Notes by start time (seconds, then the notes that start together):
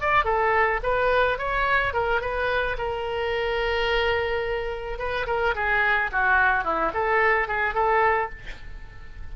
0.00 D5
0.24 A4
0.83 B4
1.38 C#5
1.93 A#4
2.21 B4
2.77 A#4
4.98 B4
5.26 A#4
5.55 G#4
6.11 F#4
6.64 E4
6.93 A4
7.48 G#4
7.74 A4